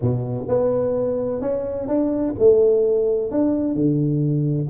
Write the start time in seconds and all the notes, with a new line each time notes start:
0.01 B2
0.48 B3
1.41 C#4
1.87 D4
2.38 A3
3.31 D4
3.74 D3